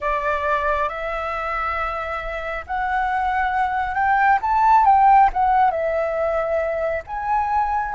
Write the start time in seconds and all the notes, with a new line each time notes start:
0.00 D5
0.88 E5
2.67 F#5
3.94 G5
4.41 A5
4.85 G5
5.33 F#5
5.70 E5
7.06 G#5